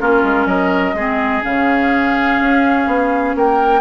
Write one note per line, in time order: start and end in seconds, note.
0.00 0.23 A#3
0.00 0.96 C#4
0.00 0.47 F4
0.00 0.47 A#4
0.23 0.46 G#3
0.46 0.93 F#3
0.46 0.95 A#4
0.46 1.43 D#5
0.93 1.41 G#3
0.93 1.42 C4
0.93 3.37 G#4
1.42 2.40 C#3
1.42 3.81 C#4
1.42 3.36 F5
2.40 2.87 C#4
2.87 3.35 B3
3.35 3.81 A#3
3.35 3.81 A#4
3.35 3.81 G5